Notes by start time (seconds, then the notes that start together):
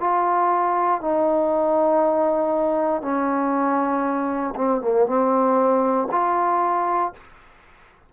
0.00 F4
1.02 D#4
3.02 C#4
4.56 C4
4.81 A#3
5.07 C4
6.12 F4